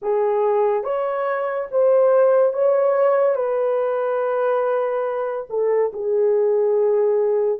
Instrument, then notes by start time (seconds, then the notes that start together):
horn
0.02 G#4
0.83 C#5
1.71 C5
2.53 C#5
3.35 B4
5.49 A4
5.93 G#4